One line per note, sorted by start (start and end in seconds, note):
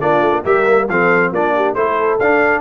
0.00 0.21 A#3
0.00 0.44 D4
0.00 0.42 F4
0.00 0.44 D5
0.21 0.32 A3
0.32 0.43 A#3
0.42 0.89 G3
0.42 0.66 G4
0.42 0.86 A#4
0.42 0.89 E5
0.66 0.88 A#3
0.89 1.31 F3
0.89 1.34 C4
0.89 1.32 A4
0.89 1.33 F5
1.31 1.75 A#3
1.31 1.76 D4
1.31 1.54 F4
1.31 1.75 D5
1.56 1.75 G4
1.75 2.20 A3
1.75 2.19 E4
1.75 2.61 A4
1.75 2.18 C5
2.19 2.61 D4
2.19 2.61 F5